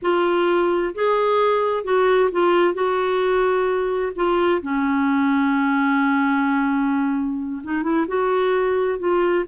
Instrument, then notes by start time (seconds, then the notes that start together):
clarinet
0.01 F4
0.95 G#4
1.83 F#4
2.31 F4
2.74 F#4
4.15 F4
4.62 C#4
7.63 D#4
7.82 E4
8.07 F#4
8.98 F4